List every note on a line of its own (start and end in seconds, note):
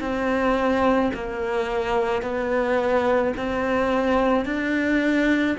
0.00 1.11 C4
1.15 2.22 A#3
2.22 3.33 B3
3.37 4.45 C4
4.45 5.57 D4